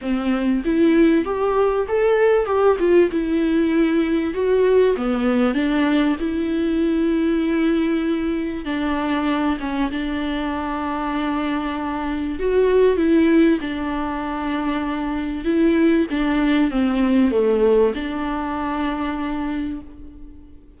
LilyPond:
\new Staff \with { instrumentName = "viola" } { \time 4/4 \tempo 4 = 97 c'4 e'4 g'4 a'4 | g'8 f'8 e'2 fis'4 | b4 d'4 e'2~ | e'2 d'4. cis'8 |
d'1 | fis'4 e'4 d'2~ | d'4 e'4 d'4 c'4 | a4 d'2. | }